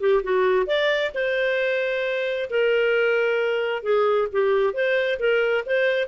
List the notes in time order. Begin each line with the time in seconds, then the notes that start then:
0.00 G4
0.23 F#4
0.66 D5
1.14 C5
2.50 A#4
3.83 G#4
4.32 G4
4.73 C5
5.19 A#4
5.66 C5